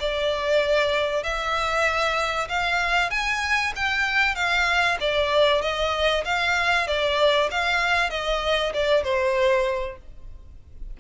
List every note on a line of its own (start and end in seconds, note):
0.00 1.23 D5
1.23 2.48 E5
2.49 3.11 F5
3.11 3.73 G#5
3.76 4.36 G5
4.36 4.98 F5
5.01 5.62 D5
5.62 6.24 D#5
6.25 6.88 F5
6.88 7.50 D5
7.51 8.10 F5
8.10 8.73 D#5
8.74 9.04 D5
9.04 9.97 C5